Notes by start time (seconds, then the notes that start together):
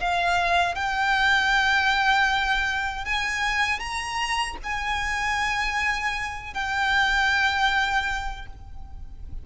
0.00 F5
0.75 G5
3.05 G#5
3.79 A#5
4.63 G#5
6.53 G5